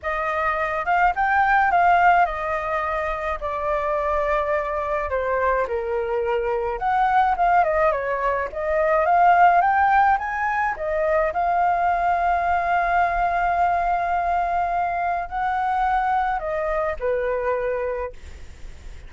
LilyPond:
\new Staff \with { instrumentName = "flute" } { \time 4/4 \tempo 4 = 106 dis''4. f''8 g''4 f''4 | dis''2 d''2~ | d''4 c''4 ais'2 | fis''4 f''8 dis''8 cis''4 dis''4 |
f''4 g''4 gis''4 dis''4 | f''1~ | f''2. fis''4~ | fis''4 dis''4 b'2 | }